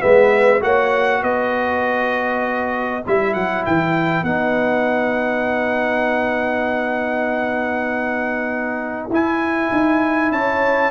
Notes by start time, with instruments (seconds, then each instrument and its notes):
0.00 tuba G#3, trombone B3, horn B4, trumpet E5
0.60 tuba A#3, trombone F#4, horn C#5, trumpet F#5
1.22 tuba B3, horn B4, trumpet D#5
3.06 tuba G3, trombone E4, trumpet E5
3.33 tuba F#3, trumpet F#5
3.66 tuba E3, trumpet G5
4.22 tuba B3, trombone D#4, trumpet F#5
9.09 tuba E4, trombone E4, trumpet G#5
9.72 tuba D#4
10.31 tuba C#4, horn C#5, trumpet A5